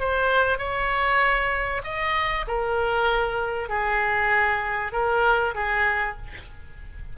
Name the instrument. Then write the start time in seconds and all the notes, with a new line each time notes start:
oboe
0.00 C5
0.58 C#5
1.84 D#5
2.48 A#4
3.69 G#4
4.93 A#4
5.55 G#4